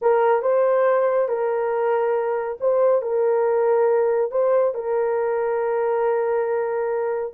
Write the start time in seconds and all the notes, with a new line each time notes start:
0.01 A#4
0.42 C5
1.28 A#4
2.60 C5
3.02 A#4
4.31 C5
4.74 A#4